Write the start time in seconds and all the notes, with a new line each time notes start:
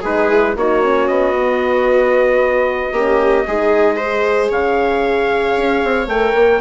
0.00 G#3 D#4 G#4 B4
0.28 E4
0.55 A#3 D#4 F#4 C#5
0.81 C#4
1.07 B3 D#5
1.35 B3
2.92 A#3 C#4 G4
3.47 G#3 D#4 G#4
3.96 G#4 C5
4.49 C#3 C#5 F5
5.57 C#4
5.83 C4
6.06 A3 A#4 G5
6.35 A#3